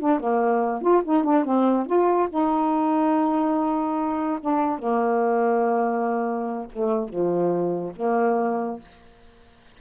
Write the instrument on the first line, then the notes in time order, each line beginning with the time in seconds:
saxophone
0.00 D4
0.20 A#3
0.82 F4
1.05 D#4
1.24 D4
1.45 C4
1.87 F4
2.30 D#4
4.41 D4
4.79 A#3
6.73 A3
7.09 F3
7.96 A#3